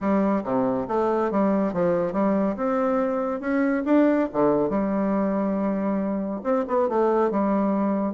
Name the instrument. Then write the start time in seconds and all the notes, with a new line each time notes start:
bassoon
0.00 G3
0.43 C3
0.88 A3
1.31 G3
1.73 F3
2.13 G3
2.56 C4
3.40 C#4
3.85 D4
4.32 D3
4.69 G3
6.43 C4
6.67 B3
6.88 A3
7.31 G3